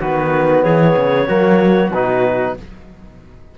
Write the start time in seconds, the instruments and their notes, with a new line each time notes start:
0.00 cello D#3, trombone B3, trumpet F#4, clarinet B4
0.63 cello E3, trumpet G#4, clarinet C#5
0.97 cello C#3
1.27 cello F#3, trombone A#3, trumpet F#4
1.91 cello B2, trombone D#4, clarinet B4